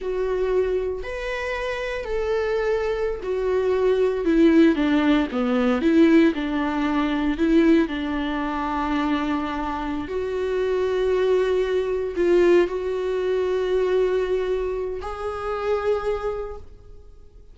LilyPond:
\new Staff \with { instrumentName = "viola" } { \time 4/4 \tempo 4 = 116 fis'2 b'2 | a'2~ a'16 fis'4.~ fis'16~ | fis'16 e'4 d'4 b4 e'8.~ | e'16 d'2 e'4 d'8.~ |
d'2.~ d'8 fis'8~ | fis'2.~ fis'8 f'8~ | f'8 fis'2.~ fis'8~ | fis'4 gis'2. | }